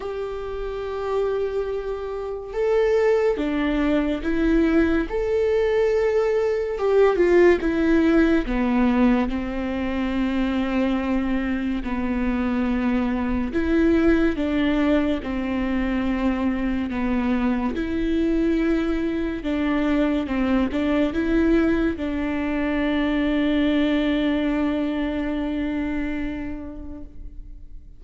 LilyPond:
\new Staff \with { instrumentName = "viola" } { \time 4/4 \tempo 4 = 71 g'2. a'4 | d'4 e'4 a'2 | g'8 f'8 e'4 b4 c'4~ | c'2 b2 |
e'4 d'4 c'2 | b4 e'2 d'4 | c'8 d'8 e'4 d'2~ | d'1 | }